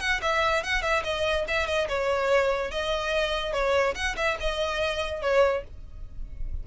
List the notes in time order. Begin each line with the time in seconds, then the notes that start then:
0.00 F#5
0.22 E5
0.63 F#5
0.82 E5
1.04 D#5
1.48 E5
1.67 D#5
1.89 C#5
2.71 D#5
3.53 C#5
3.95 F#5
4.17 E5
4.40 D#5
5.22 C#5